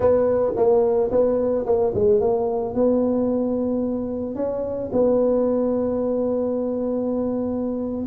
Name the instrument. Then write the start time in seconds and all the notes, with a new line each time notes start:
tuba
0.00 B3
0.56 A#3
1.11 B3
1.66 A#3
1.94 G#3
2.20 A#3
2.74 B3
4.35 C#4
4.92 B3